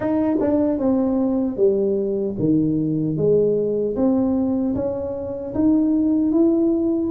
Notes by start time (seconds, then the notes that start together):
0.00 D#4
0.40 D4
0.78 C4
1.56 G3
2.38 D#3
3.16 G#3
3.95 C4
4.75 C#4
5.54 D#4
6.32 E4